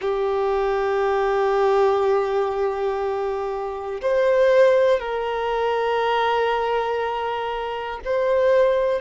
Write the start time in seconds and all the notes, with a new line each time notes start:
0.00 G4
4.01 C5
5.00 A#4
8.05 C5